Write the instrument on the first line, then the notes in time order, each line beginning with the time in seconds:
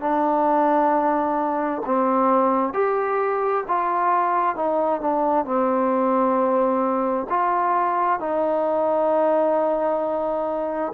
trombone
0.00 D4
1.85 C4
2.73 G4
3.67 F4
4.55 D#4
5.00 D4
5.45 C4
7.29 F4
8.19 D#4